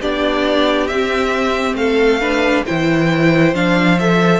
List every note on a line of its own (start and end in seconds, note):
0.00 0.90 B3
0.00 0.89 D4
0.00 1.76 G4
0.00 0.87 D5
0.87 1.74 C4
0.87 2.21 C4
0.87 1.75 E5
1.74 2.62 A3
1.74 2.21 A4
1.74 2.64 F5
2.21 2.65 D4
2.21 2.65 B4
2.66 3.53 E3
2.66 3.54 E4
2.66 4.40 C5
2.66 3.54 G5
3.53 4.40 F3
3.53 3.98 D4
3.53 3.99 F5
3.99 4.40 A4
3.99 4.40 E5